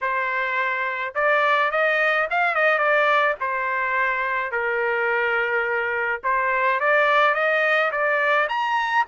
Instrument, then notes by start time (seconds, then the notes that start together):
trumpet
0.01 C5
1.14 D5
1.71 D#5
2.30 F5
2.55 D#5
2.78 D5
3.40 C5
4.51 A#4
6.23 C5
6.80 D5
7.34 D#5
7.91 D5
8.48 A#5